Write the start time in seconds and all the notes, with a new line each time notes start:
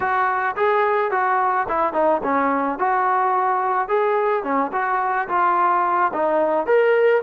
0.00 F#4
0.56 G#4
1.11 F#4
1.68 E4
1.93 D#4
2.23 C#4
2.78 F#4
3.88 G#4
4.43 C#4
4.72 F#4
5.28 F4
6.13 D#4
6.66 A#4